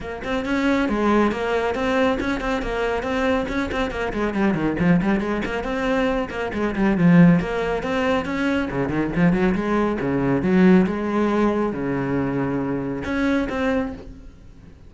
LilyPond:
\new Staff \with { instrumentName = "cello" } { \time 4/4 \tempo 4 = 138 ais8 c'8 cis'4 gis4 ais4 | c'4 cis'8 c'8 ais4 c'4 | cis'8 c'8 ais8 gis8 g8 dis8 f8 g8 | gis8 ais8 c'4. ais8 gis8 g8 |
f4 ais4 c'4 cis'4 | cis8 dis8 f8 fis8 gis4 cis4 | fis4 gis2 cis4~ | cis2 cis'4 c'4 | }